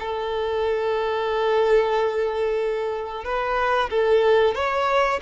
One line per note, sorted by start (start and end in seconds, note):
0.00 3.25 A4
3.25 3.90 B4
3.90 4.55 A4
4.55 5.20 C#5